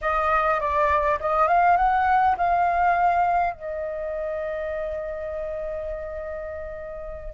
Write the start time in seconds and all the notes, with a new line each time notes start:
0.01 D#5
0.60 D5
1.20 D#5
1.47 F5
1.76 F#5
2.37 F5
3.53 D#5